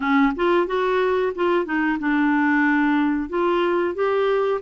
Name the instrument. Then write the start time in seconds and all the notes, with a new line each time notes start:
clarinet
0.00 C#4
0.35 F4
0.67 F#4
1.35 F4
1.65 D#4
1.99 D4
3.29 F4
3.94 G4